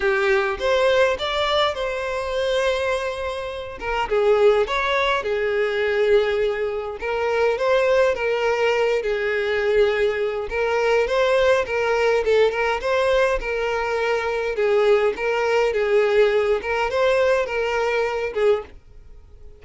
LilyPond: \new Staff \with { instrumentName = "violin" } { \time 4/4 \tempo 4 = 103 g'4 c''4 d''4 c''4~ | c''2~ c''8 ais'8 gis'4 | cis''4 gis'2. | ais'4 c''4 ais'4. gis'8~ |
gis'2 ais'4 c''4 | ais'4 a'8 ais'8 c''4 ais'4~ | ais'4 gis'4 ais'4 gis'4~ | gis'8 ais'8 c''4 ais'4. gis'8 | }